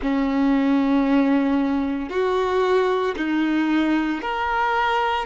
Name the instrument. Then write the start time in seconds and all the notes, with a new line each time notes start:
violin
0.02 C#4
2.09 F#4
3.16 D#4
4.21 A#4